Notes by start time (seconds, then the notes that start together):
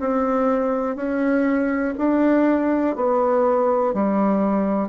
0.00 C4
0.96 C#4
1.99 D4
2.96 B3
3.94 G3